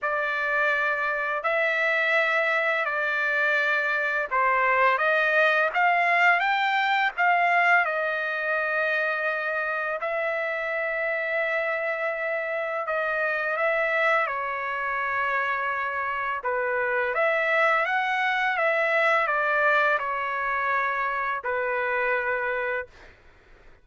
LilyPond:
\new Staff \with { instrumentName = "trumpet" } { \time 4/4 \tempo 4 = 84 d''2 e''2 | d''2 c''4 dis''4 | f''4 g''4 f''4 dis''4~ | dis''2 e''2~ |
e''2 dis''4 e''4 | cis''2. b'4 | e''4 fis''4 e''4 d''4 | cis''2 b'2 | }